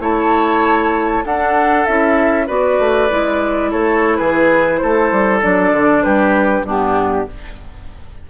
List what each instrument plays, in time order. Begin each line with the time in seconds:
0.00 bassoon A3, clarinet E4, oboe C#5, flute A5
1.25 bassoon D4, clarinet D4, oboe A4, flute F#5
1.85 bassoon C#4, clarinet E4, flute E5
2.47 bassoon B3, clarinet F#4, oboe B4, flute D5
2.79 bassoon A3
3.10 bassoon G#3, clarinet E4
3.71 bassoon A3, oboe A4, flute C#5
4.17 bassoon E3, oboe G#4, flute B4
4.77 bassoon A3, oboe A4, flute C5
5.12 bassoon G3
5.42 bassoon F#3, clarinet D4, flute D5
5.72 bassoon D3
6.03 bassoon G3, oboe G4, flute B4
6.63 bassoon G2, clarinet B3, oboe D4, flute G4